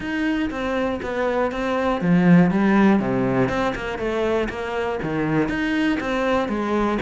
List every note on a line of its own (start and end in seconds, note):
0.00 0.50 D#4
0.50 1.00 C4
1.02 1.51 B3
1.51 2.01 C4
2.01 2.50 F3
2.50 2.99 G3
2.99 3.48 C3
3.48 3.73 C4
3.75 3.98 A#3
3.98 4.48 A3
4.49 4.99 A#3
5.02 5.48 D#3
5.48 5.98 D#4
6.00 6.48 C4
6.48 6.98 G#3